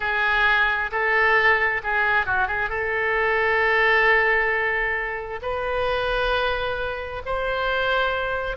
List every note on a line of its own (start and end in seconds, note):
0.00 0.90 G#4
0.91 1.81 A4
1.83 2.26 G#4
2.26 2.47 F#4
2.47 2.69 G#4
2.69 5.40 A4
5.41 7.22 B4
7.25 8.57 C5